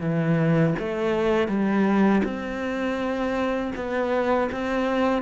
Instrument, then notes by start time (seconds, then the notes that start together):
cello
0.00 E3
0.78 A3
1.48 G3
2.24 C4
3.75 B3
4.51 C4